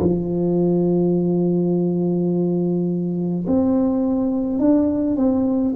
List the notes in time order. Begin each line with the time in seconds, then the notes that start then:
0.00 F3
3.47 C4
4.60 D4
5.17 C4